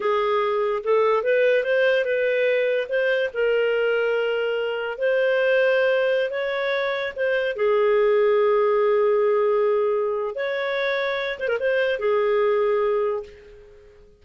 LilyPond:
\new Staff \with { instrumentName = "clarinet" } { \time 4/4 \tempo 4 = 145 gis'2 a'4 b'4 | c''4 b'2 c''4 | ais'1 | c''2.~ c''16 cis''8.~ |
cis''4~ cis''16 c''4 gis'4.~ gis'16~ | gis'1~ | gis'4 cis''2~ cis''8 c''16 ais'16 | c''4 gis'2. | }